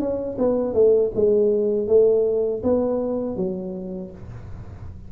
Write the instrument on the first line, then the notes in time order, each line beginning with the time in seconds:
tuba
0.00 C#4
0.39 B3
0.74 A3
1.15 G#3
1.88 A3
2.64 B3
3.36 F#3